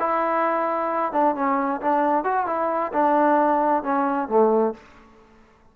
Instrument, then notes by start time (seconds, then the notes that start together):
trombone
0.00 E4
1.13 D4
1.36 C#4
1.82 D4
2.25 F#4
2.47 E4
2.93 D4
3.84 C#4
4.29 A3